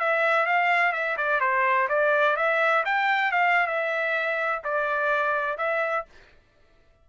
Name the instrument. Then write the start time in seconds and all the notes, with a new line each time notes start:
trumpet
0.00 E5
0.46 F5
0.93 E5
1.18 D5
1.41 C5
1.89 D5
2.37 E5
2.85 G5
3.32 F5
3.67 E5
4.64 D5
5.58 E5